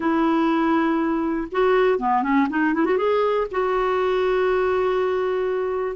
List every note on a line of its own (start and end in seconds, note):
0.00 1.47 E4
1.51 1.99 F#4
1.99 2.22 B3
2.22 2.47 C#4
2.49 2.74 D#4
2.74 2.85 E4
2.85 2.97 F#4
2.97 3.47 G#4
3.51 5.96 F#4